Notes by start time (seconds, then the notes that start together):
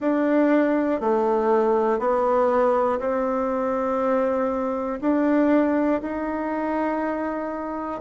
0.00 D4
1.00 A3
1.99 B3
2.99 C4
5.01 D4
6.01 D#4